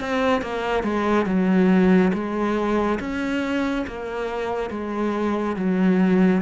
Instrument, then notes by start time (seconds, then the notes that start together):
cello
0.00 C4
0.41 A#3
0.83 G#3
1.25 F#3
2.13 G#3
2.99 C#4
3.87 A#3
4.70 G#3
5.56 F#3